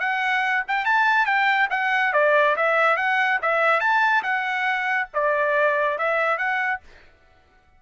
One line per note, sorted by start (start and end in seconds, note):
0.00 0.64 F#5
0.68 0.85 G5
0.85 1.26 A5
1.26 1.69 G5
1.71 2.13 F#5
2.14 2.56 D5
2.56 2.97 E5
2.97 3.40 F#5
3.42 3.80 E5
3.80 4.23 A5
4.23 5.08 F#5
5.14 5.98 D5
5.98 6.38 E5
6.38 6.81 F#5